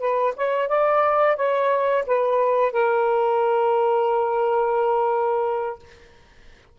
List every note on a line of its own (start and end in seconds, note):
0.00 0.34 B4
0.37 0.68 C#5
0.68 1.36 D5
1.36 2.05 C#5
2.07 2.73 B4
2.73 5.80 A#4